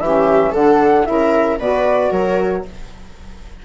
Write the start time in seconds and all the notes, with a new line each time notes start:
0.00 E3 C#4 G4 E5
0.51 D3 D4 A4 F#5
1.05 C#3 E4 A#4 E5
1.59 B2 F#4 B4 D5
2.11 F#3 A#4 C#5